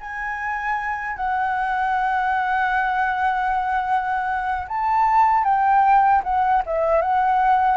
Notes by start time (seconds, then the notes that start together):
0.00 G#5
1.16 F#5
4.68 A5
5.44 G5
6.23 F#5
6.66 E5
7.01 F#5